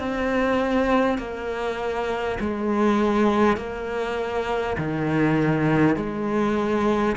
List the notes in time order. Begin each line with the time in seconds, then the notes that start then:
0.00 C4
1.18 A#3
2.41 G#3
3.57 A#3
4.78 D#3
5.97 G#3